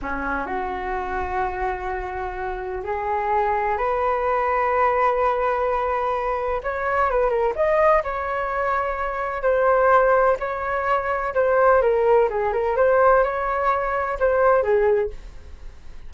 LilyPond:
\new Staff \with { instrumentName = "flute" } { \time 4/4 \tempo 4 = 127 cis'4 fis'2.~ | fis'2 gis'2 | b'1~ | b'2 cis''4 b'8 ais'8 |
dis''4 cis''2. | c''2 cis''2 | c''4 ais'4 gis'8 ais'8 c''4 | cis''2 c''4 gis'4 | }